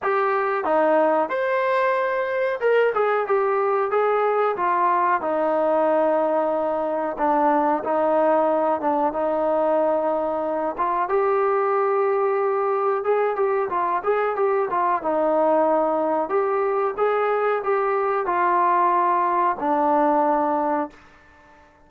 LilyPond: \new Staff \with { instrumentName = "trombone" } { \time 4/4 \tempo 4 = 92 g'4 dis'4 c''2 | ais'8 gis'8 g'4 gis'4 f'4 | dis'2. d'4 | dis'4. d'8 dis'2~ |
dis'8 f'8 g'2. | gis'8 g'8 f'8 gis'8 g'8 f'8 dis'4~ | dis'4 g'4 gis'4 g'4 | f'2 d'2 | }